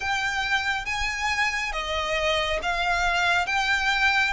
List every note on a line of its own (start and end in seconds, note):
0.00 0.85 G5
0.85 1.72 G#5
1.72 2.59 D#5
2.62 3.46 F5
3.46 4.33 G5